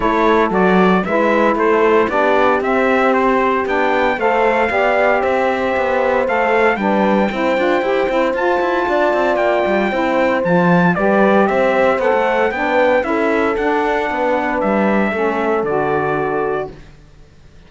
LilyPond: <<
  \new Staff \with { instrumentName = "trumpet" } { \time 4/4 \tempo 4 = 115 cis''4 d''4 e''4 c''4 | d''4 e''4 c''4 g''4 | f''2 e''2 | f''4 g''2. |
a''2 g''2 | a''4 d''4 e''4 fis''4 | g''4 e''4 fis''2 | e''2 d''2 | }
  \new Staff \with { instrumentName = "horn" } { \time 4/4 a'2 b'4 a'4 | g'1 | c''4 d''4 c''2~ | c''4 b'4 c''2~ |
c''4 d''2 c''4~ | c''4 b'4 c''2 | b'4 a'2 b'4~ | b'4 a'2. | }
  \new Staff \with { instrumentName = "saxophone" } { \time 4/4 e'4 fis'4 e'2 | d'4 c'2 d'4 | a'4 g'2. | a'4 d'4 e'8 f'8 g'8 e'8 |
f'2. e'4 | f'4 g'2 a'4 | d'4 e'4 d'2~ | d'4 cis'4 fis'2 | }
  \new Staff \with { instrumentName = "cello" } { \time 4/4 a4 fis4 gis4 a4 | b4 c'2 b4 | a4 b4 c'4 b4 | a4 g4 c'8 d'8 e'8 c'8 |
f'8 e'8 d'8 c'8 ais8 g8 c'4 | f4 g4 c'4 b16 a8. | b4 cis'4 d'4 b4 | g4 a4 d2 | }
>>